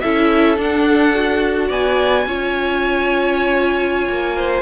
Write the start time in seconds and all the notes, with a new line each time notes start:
0.00 C#4 E4 A4 E5
0.57 D4 F#5
1.14 F#4
1.67 B3 D5 G#5
2.25 C#4 F4 C#5
4.08 A#3
4.36 C5